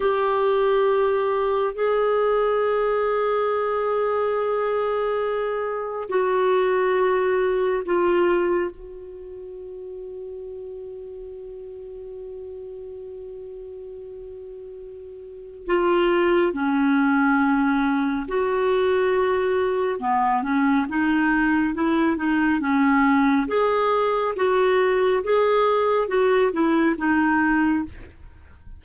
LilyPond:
\new Staff \with { instrumentName = "clarinet" } { \time 4/4 \tempo 4 = 69 g'2 gis'2~ | gis'2. fis'4~ | fis'4 f'4 fis'2~ | fis'1~ |
fis'2 f'4 cis'4~ | cis'4 fis'2 b8 cis'8 | dis'4 e'8 dis'8 cis'4 gis'4 | fis'4 gis'4 fis'8 e'8 dis'4 | }